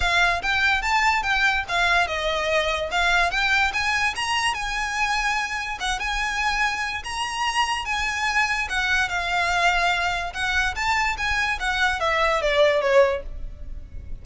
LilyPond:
\new Staff \with { instrumentName = "violin" } { \time 4/4 \tempo 4 = 145 f''4 g''4 a''4 g''4 | f''4 dis''2 f''4 | g''4 gis''4 ais''4 gis''4~ | gis''2 fis''8 gis''4.~ |
gis''4 ais''2 gis''4~ | gis''4 fis''4 f''2~ | f''4 fis''4 a''4 gis''4 | fis''4 e''4 d''4 cis''4 | }